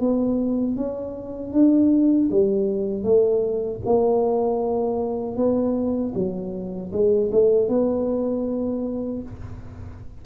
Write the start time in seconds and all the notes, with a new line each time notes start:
0.00 B3
0.76 C#4
1.52 D4
2.31 G3
3.03 A3
3.85 A#3
5.36 B3
6.14 F#3
6.92 G#3
7.31 A3
7.68 B3